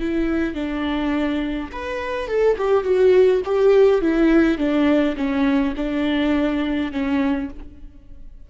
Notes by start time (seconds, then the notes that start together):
0.00 E4
0.55 D4
1.73 B4
2.28 A4
2.58 G4
2.84 F#4
3.45 G4
4.02 E4
4.58 D4
5.17 C#4
5.77 D4
6.92 C#4